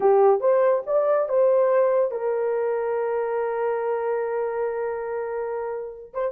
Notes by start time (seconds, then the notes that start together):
0.00 G4
0.40 C5
0.86 D5
1.28 C5
2.11 A#4
6.13 C5